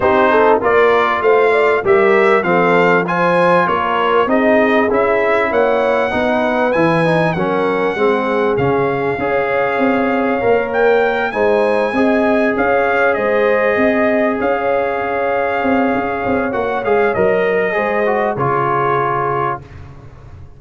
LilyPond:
<<
  \new Staff \with { instrumentName = "trumpet" } { \time 4/4 \tempo 4 = 98 c''4 d''4 f''4 e''4 | f''4 gis''4 cis''4 dis''4 | e''4 fis''2 gis''4 | fis''2 f''2~ |
f''4. g''4 gis''4.~ | gis''8 f''4 dis''2 f''8~ | f''2. fis''8 f''8 | dis''2 cis''2 | }
  \new Staff \with { instrumentName = "horn" } { \time 4/4 g'8 a'8 ais'4 c''8 d''8 ais'4 | a'4 c''4 ais'4 gis'4~ | gis'4 cis''4 b'2 | ais'4 gis'2 cis''4~ |
cis''2~ cis''8 c''4 dis''8~ | dis''8 cis''4 c''4 dis''4 cis''8~ | cis''1~ | cis''4 c''4 gis'2 | }
  \new Staff \with { instrumentName = "trombone" } { \time 4/4 dis'4 f'2 g'4 | c'4 f'2 dis'4 | e'2 dis'4 e'8 dis'8 | cis'4 c'4 cis'4 gis'4~ |
gis'4 ais'4. dis'4 gis'8~ | gis'1~ | gis'2. fis'8 gis'8 | ais'4 gis'8 fis'8 f'2 | }
  \new Staff \with { instrumentName = "tuba" } { \time 4/4 c'4 ais4 a4 g4 | f2 ais4 c'4 | cis'4 ais4 b4 e4 | fis4 gis4 cis4 cis'4 |
c'4 ais4. gis4 c'8~ | c'8 cis'4 gis4 c'4 cis'8~ | cis'4. c'8 cis'8 c'8 ais8 gis8 | fis4 gis4 cis2 | }
>>